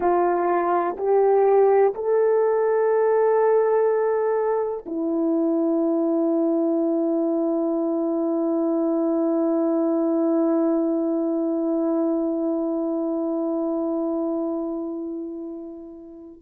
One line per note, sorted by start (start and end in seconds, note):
0.00 0.96 F4
0.97 1.94 G4
1.94 4.84 A4
4.86 16.41 E4